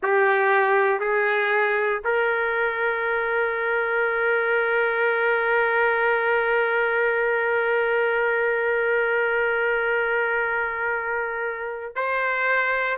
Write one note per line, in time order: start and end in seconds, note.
0.02 1.00 G4
1.00 2.02 G#4
2.04 11.95 A#4
11.95 12.97 C5